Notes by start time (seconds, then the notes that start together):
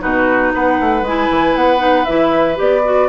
0.00 B2 D#4 F#4 B4
0.54 B3 B4 F#5
0.80 A3
1.02 G#3 E4 G#5
1.30 E3
1.55 B3 F#5
1.78 D#4
2.05 E3 E4 E5
2.55 B3 G4 D5
2.84 F#4